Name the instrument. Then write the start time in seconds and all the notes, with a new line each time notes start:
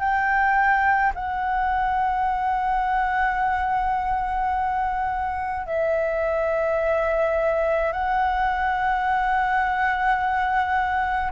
flute
0.00 G5
1.15 F#5
5.67 E5
7.93 F#5